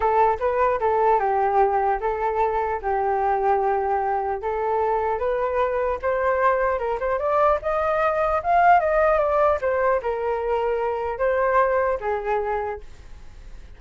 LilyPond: \new Staff \with { instrumentName = "flute" } { \time 4/4 \tempo 4 = 150 a'4 b'4 a'4 g'4~ | g'4 a'2 g'4~ | g'2. a'4~ | a'4 b'2 c''4~ |
c''4 ais'8 c''8 d''4 dis''4~ | dis''4 f''4 dis''4 d''4 | c''4 ais'2. | c''2 gis'2 | }